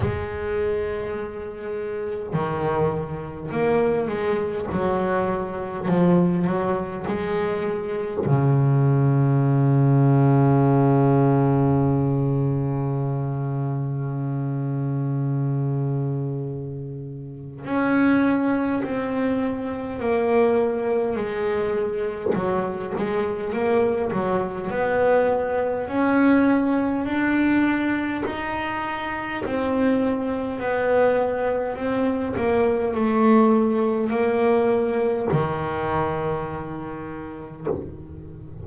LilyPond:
\new Staff \with { instrumentName = "double bass" } { \time 4/4 \tempo 4 = 51 gis2 dis4 ais8 gis8 | fis4 f8 fis8 gis4 cis4~ | cis1~ | cis2. cis'4 |
c'4 ais4 gis4 fis8 gis8 | ais8 fis8 b4 cis'4 d'4 | dis'4 c'4 b4 c'8 ais8 | a4 ais4 dis2 | }